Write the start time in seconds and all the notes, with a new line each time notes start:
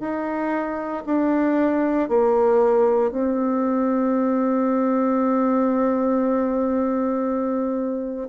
0.00 D#4
1.06 D4
2.09 A#3
3.11 C4